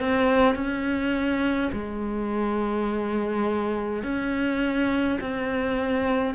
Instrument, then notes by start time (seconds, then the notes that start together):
cello
0.00 C4
0.56 C#4
1.73 G#3
4.03 C#4
5.21 C4